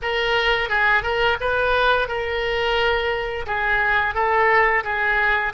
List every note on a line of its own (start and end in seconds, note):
0.02 0.69 A#4
0.69 1.02 G#4
1.02 1.37 A#4
1.40 2.08 B4
2.08 3.45 A#4
3.46 4.14 G#4
4.14 4.83 A4
4.83 5.52 G#4